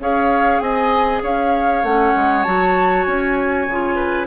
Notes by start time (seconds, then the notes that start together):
0.00 C#4 G#4 C#5 F5
0.60 C4 D#5 G#5
1.23 C#4 C#5 F5
1.83 A3 C#4 F#5
2.16 G#3
2.43 F#3 F#4 A5
3.03 C#4 G#5
3.67 C#3 F4
3.95 B4